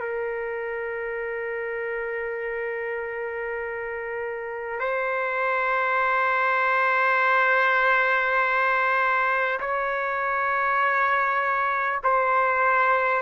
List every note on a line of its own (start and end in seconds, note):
0.00 4.79 A#4
4.79 9.59 C5
9.59 11.99 C#5
12.03 13.22 C5